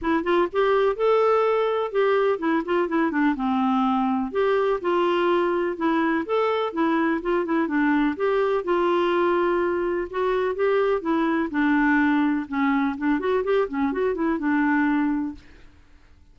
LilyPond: \new Staff \with { instrumentName = "clarinet" } { \time 4/4 \tempo 4 = 125 e'8 f'8 g'4 a'2 | g'4 e'8 f'8 e'8 d'8 c'4~ | c'4 g'4 f'2 | e'4 a'4 e'4 f'8 e'8 |
d'4 g'4 f'2~ | f'4 fis'4 g'4 e'4 | d'2 cis'4 d'8 fis'8 | g'8 cis'8 fis'8 e'8 d'2 | }